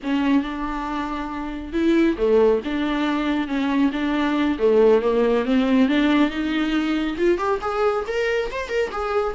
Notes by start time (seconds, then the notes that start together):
0.03 C#4
0.42 D4
1.72 E4
2.17 A3
2.64 D4
3.47 C#4
3.92 D4
4.58 A3
5.01 A#3
5.45 C4
5.88 D4
6.29 D#4
7.17 F4
7.37 G4
7.61 G#4
8.07 A#4
8.51 C5
8.68 A#4
8.91 G#4